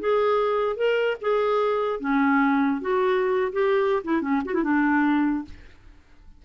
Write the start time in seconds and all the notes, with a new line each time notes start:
0.00 G#4
0.76 A#4
1.21 G#4
2.00 C#4
2.81 F#4
3.52 G4
4.04 E4
4.21 C#4
4.45 F#4
4.54 E4
4.64 D4